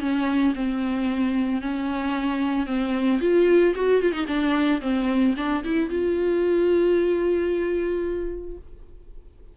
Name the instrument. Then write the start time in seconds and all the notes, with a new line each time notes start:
viola
0.00 C#4
0.55 C4
1.62 C#4
2.66 C4
3.21 F4
3.75 F#4
4.02 F4
4.12 D#4
4.27 D4
4.81 C4
5.37 D4
5.64 E4
5.90 F4